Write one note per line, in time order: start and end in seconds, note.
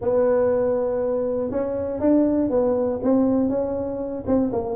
0.01 1.50 B3
1.50 2.00 C#4
2.00 2.50 D4
2.50 3.00 B3
3.02 3.49 C4
3.49 4.24 C#4
4.26 4.51 C4
4.52 4.76 A#3